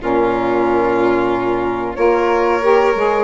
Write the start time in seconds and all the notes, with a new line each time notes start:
0.00 A#2 C#4 F4 A#4
1.95 A#3 F4 A#4 C#5
2.61 G4
2.95 G#3 G#4